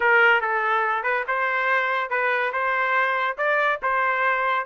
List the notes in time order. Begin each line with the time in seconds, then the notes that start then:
0.00 A#4
0.41 A4
1.03 B4
1.27 C5
2.09 B4
2.52 C5
3.37 D5
3.82 C5